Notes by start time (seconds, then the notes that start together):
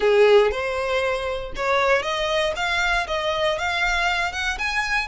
0.00 G#4
0.51 C5
1.55 C#5
2.02 D#5
2.56 F5
3.07 D#5
3.58 F5
4.32 F#5
4.58 G#5